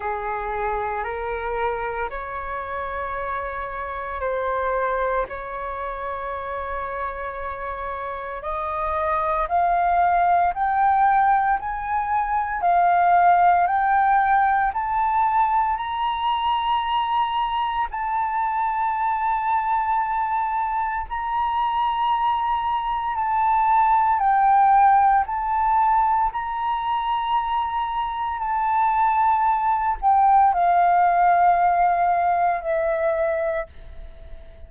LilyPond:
\new Staff \with { instrumentName = "flute" } { \time 4/4 \tempo 4 = 57 gis'4 ais'4 cis''2 | c''4 cis''2. | dis''4 f''4 g''4 gis''4 | f''4 g''4 a''4 ais''4~ |
ais''4 a''2. | ais''2 a''4 g''4 | a''4 ais''2 a''4~ | a''8 g''8 f''2 e''4 | }